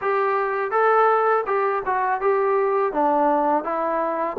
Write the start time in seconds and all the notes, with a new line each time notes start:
0.01 G4
0.71 A4
1.46 G4
1.85 F#4
2.20 G4
2.92 D4
3.64 E4